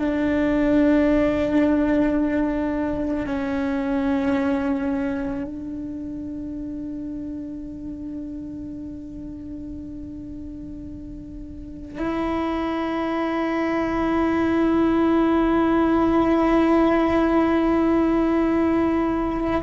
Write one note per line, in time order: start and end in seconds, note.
0.00 3.27 D4
3.27 5.44 C#4
5.44 11.99 D4
11.99 19.62 E4